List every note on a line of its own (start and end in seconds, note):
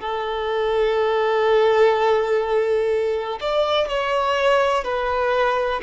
0.00 3.39 A4
3.40 3.88 D5
3.88 4.84 C#5
4.84 5.81 B4